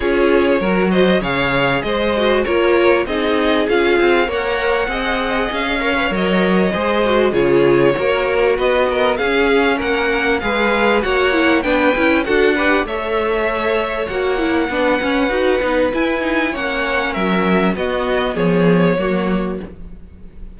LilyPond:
<<
  \new Staff \with { instrumentName = "violin" } { \time 4/4 \tempo 4 = 98 cis''4. dis''8 f''4 dis''4 | cis''4 dis''4 f''4 fis''4~ | fis''4 f''4 dis''2 | cis''2 dis''4 f''4 |
fis''4 f''4 fis''4 g''4 | fis''4 e''2 fis''4~ | fis''2 gis''4 fis''4 | e''4 dis''4 cis''2 | }
  \new Staff \with { instrumentName = "violin" } { \time 4/4 gis'4 ais'8 c''8 cis''4 c''4 | ais'4 gis'2 cis''4 | dis''4. cis''4. c''4 | gis'4 ais'4 b'8 ais'8 gis'4 |
ais'4 b'4 cis''4 b'4 | a'8 b'8 cis''2. | b'2. cis''4 | ais'4 fis'4 gis'4 fis'4 | }
  \new Staff \with { instrumentName = "viola" } { \time 4/4 f'4 fis'4 gis'4. fis'8 | f'4 dis'4 f'4 ais'4 | gis'4. ais'16 b'16 ais'4 gis'8 fis'8 | f'4 fis'2 cis'4~ |
cis'4 gis'4 fis'8 e'8 d'8 e'8 | fis'8 g'8 a'2 fis'8 e'8 | d'8 cis'8 fis'8 dis'8 e'8 dis'8 cis'4~ | cis'4 b2 ais4 | }
  \new Staff \with { instrumentName = "cello" } { \time 4/4 cis'4 fis4 cis4 gis4 | ais4 c'4 cis'8 c'8 ais4 | c'4 cis'4 fis4 gis4 | cis4 ais4 b4 cis'4 |
ais4 gis4 ais4 b8 cis'8 | d'4 a2 ais4 | b8 cis'8 dis'8 b8 e'4 ais4 | fis4 b4 f4 fis4 | }
>>